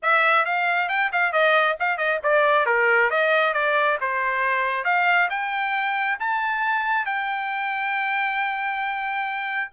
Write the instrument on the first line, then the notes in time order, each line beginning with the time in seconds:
trumpet
0.02 E5
0.45 F5
0.88 G5
1.12 F5
1.32 D#5
1.79 F5
1.97 D#5
2.23 D5
2.66 A#4
3.10 D#5
3.53 D5
4.00 C5
4.84 F5
5.30 G5
6.19 A5
7.05 G5